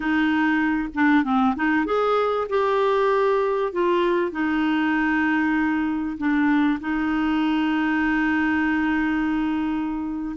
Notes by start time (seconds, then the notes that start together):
0.00 D#4
0.94 D4
1.24 C4
1.55 D#4
1.85 G#4
2.49 G4
3.72 F4
4.31 D#4
6.17 D4
6.80 D#4